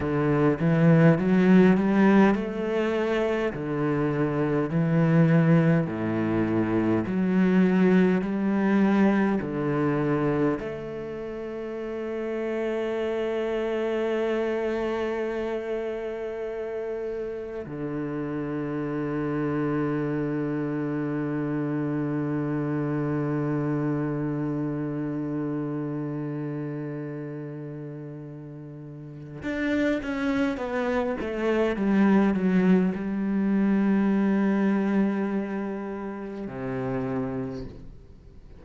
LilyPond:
\new Staff \with { instrumentName = "cello" } { \time 4/4 \tempo 4 = 51 d8 e8 fis8 g8 a4 d4 | e4 a,4 fis4 g4 | d4 a2.~ | a2. d4~ |
d1~ | d1~ | d4 d'8 cis'8 b8 a8 g8 fis8 | g2. c4 | }